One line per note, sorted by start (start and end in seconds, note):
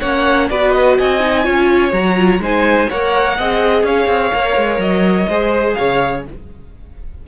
0.00 0.50 A#3
0.00 0.51 C#4
0.00 0.48 C#5
0.00 0.48 F#5
0.49 0.98 B3
0.49 1.20 F#4
0.49 0.98 B4
0.49 0.71 D5
0.71 0.95 D#5
0.98 1.47 C4
0.98 1.44 D#5
0.98 1.92 G#5
1.20 1.43 D#4
1.43 1.93 C#4
1.43 1.91 F4
1.43 2.40 C#5
1.92 2.39 F#3
1.92 2.16 F#4
1.92 2.40 A#5
2.17 2.41 F4
2.39 2.87 G#3
2.39 2.89 D#4
2.39 2.89 C5
2.39 2.90 G#5
2.89 3.39 A#3
2.89 3.39 A#4
2.89 3.37 C#5
2.89 3.84 F#5
3.38 3.83 C4
3.38 4.33 G#4
3.38 3.85 D#5
3.83 4.07 C#4
3.83 5.28 C#5
3.83 4.80 F5
4.07 4.31 C4
4.33 4.57 A#3
4.33 5.29 A#4
4.57 4.78 G#3
4.78 5.26 F#3
4.78 5.74 D#5
5.28 5.76 G#3
5.28 6.26 G#4
5.28 5.76 C5
5.74 6.27 C#3
5.74 6.26 C#5
5.74 6.22 F5